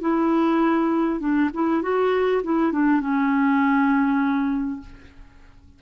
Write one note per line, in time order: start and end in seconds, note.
0.00 1.19 E4
1.19 1.49 D4
1.53 1.82 E4
1.82 2.42 F#4
2.43 2.72 E4
2.72 3.00 D4
3.00 4.80 C#4